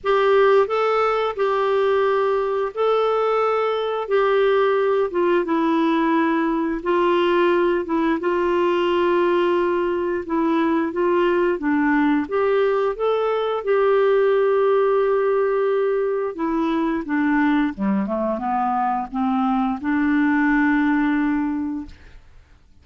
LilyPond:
\new Staff \with { instrumentName = "clarinet" } { \time 4/4 \tempo 4 = 88 g'4 a'4 g'2 | a'2 g'4. f'8 | e'2 f'4. e'8 | f'2. e'4 |
f'4 d'4 g'4 a'4 | g'1 | e'4 d'4 g8 a8 b4 | c'4 d'2. | }